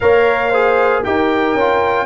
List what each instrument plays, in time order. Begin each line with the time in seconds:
0.00 tuba A#3, trombone A#4, horn C#5, trumpet F5
0.50 trombone G#4, horn C5
1.03 tuba D#4, trombone G4, horn A#4, trumpet G5
1.54 tuba C#4, trombone F4